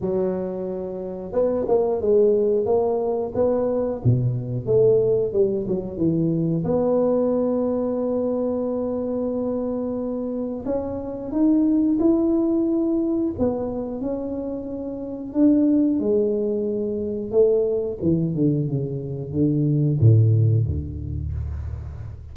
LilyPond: \new Staff \with { instrumentName = "tuba" } { \time 4/4 \tempo 4 = 90 fis2 b8 ais8 gis4 | ais4 b4 b,4 a4 | g8 fis8 e4 b2~ | b1 |
cis'4 dis'4 e'2 | b4 cis'2 d'4 | gis2 a4 e8 d8 | cis4 d4 a,4 d,4 | }